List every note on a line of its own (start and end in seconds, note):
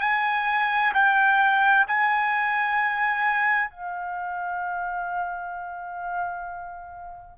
0.00 0.92 G#5
0.94 1.86 G5
1.87 3.70 G#5
3.70 7.38 F5